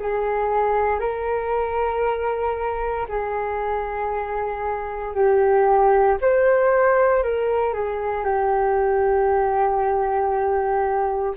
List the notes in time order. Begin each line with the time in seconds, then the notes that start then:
0.00 G#4
1.00 A#4
3.08 G#4
5.14 G4
6.21 C5
7.23 A#4
7.74 G#4
8.25 G4